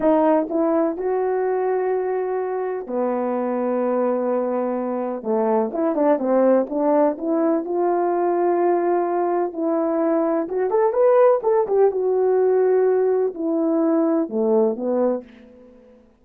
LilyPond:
\new Staff \with { instrumentName = "horn" } { \time 4/4 \tempo 4 = 126 dis'4 e'4 fis'2~ | fis'2 b2~ | b2. a4 | e'8 d'8 c'4 d'4 e'4 |
f'1 | e'2 fis'8 a'8 b'4 | a'8 g'8 fis'2. | e'2 a4 b4 | }